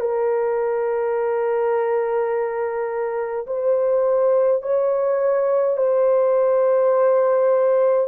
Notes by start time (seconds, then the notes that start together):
0.00 A#4
3.46 C5
4.62 C#5
5.77 C5